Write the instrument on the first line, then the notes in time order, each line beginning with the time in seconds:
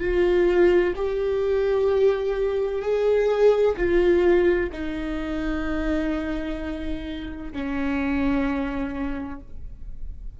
viola
0.00 F4
0.96 G4
2.82 G#4
3.77 F4
4.73 D#4
7.53 C#4